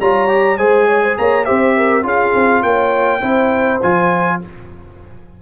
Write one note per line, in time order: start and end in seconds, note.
0.00 0.59 G3
0.00 0.28 F4
0.00 0.58 C#5
0.00 0.58 A#5
0.28 0.57 G4
0.58 1.18 G#3
0.58 1.45 G#4
0.58 0.87 C5
0.58 1.16 G#5
0.87 1.02 C#5
1.02 1.17 C5
1.18 1.48 A#3
1.18 1.45 C#5
1.18 1.45 A#5
1.45 2.04 C4
1.45 2.03 G4
1.45 1.75 C5
1.45 2.04 E5
1.77 2.05 A#4
2.03 2.34 C#4
2.03 3.20 F4
2.03 2.63 G#4
2.03 2.63 F5
2.35 2.63 C4
2.63 3.22 A#3
2.63 3.20 C#5
2.63 3.80 G5
3.20 3.81 C4
3.20 3.80 E4
3.20 4.38 C5
3.82 4.42 F3
3.82 4.41 F4
3.82 4.41 G#5